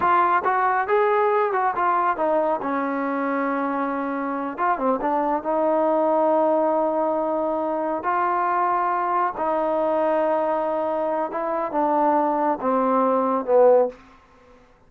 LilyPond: \new Staff \with { instrumentName = "trombone" } { \time 4/4 \tempo 4 = 138 f'4 fis'4 gis'4. fis'8 | f'4 dis'4 cis'2~ | cis'2~ cis'8 f'8 c'8 d'8~ | d'8 dis'2.~ dis'8~ |
dis'2~ dis'8 f'4.~ | f'4. dis'2~ dis'8~ | dis'2 e'4 d'4~ | d'4 c'2 b4 | }